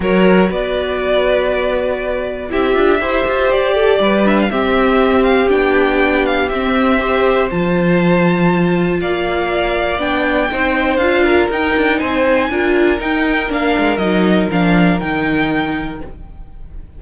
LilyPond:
<<
  \new Staff \with { instrumentName = "violin" } { \time 4/4 \tempo 4 = 120 cis''4 d''2.~ | d''4 e''2 d''4~ | d''8 e''16 f''16 e''4. f''8 g''4~ | g''8 f''8 e''2 a''4~ |
a''2 f''2 | g''2 f''4 g''4 | gis''2 g''4 f''4 | dis''4 f''4 g''2 | }
  \new Staff \with { instrumentName = "violin" } { \time 4/4 ais'4 b'2.~ | b'4 g'4 c''4. a'8 | b'4 g'2.~ | g'2 c''2~ |
c''2 d''2~ | d''4 c''4. ais'4. | c''4 ais'2.~ | ais'1 | }
  \new Staff \with { instrumentName = "viola" } { \time 4/4 fis'1~ | fis'4 e'8 f'8 g'2~ | g'8 d'8 c'2 d'4~ | d'4 c'4 g'4 f'4~ |
f'1 | d'4 dis'4 f'4 dis'4~ | dis'4 f'4 dis'4 d'4 | dis'4 d'4 dis'2 | }
  \new Staff \with { instrumentName = "cello" } { \time 4/4 fis4 b2.~ | b4 c'8 d'8 e'8 f'8 g'4 | g4 c'2 b4~ | b4 c'2 f4~ |
f2 ais2 | b4 c'4 d'4 dis'8 d'8 | c'4 d'4 dis'4 ais8 gis8 | fis4 f4 dis2 | }
>>